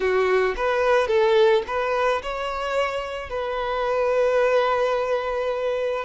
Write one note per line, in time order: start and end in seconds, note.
0.00 0.55 F#4
0.56 1.07 B4
1.07 1.62 A4
1.67 2.22 B4
2.22 3.29 C#5
3.29 6.05 B4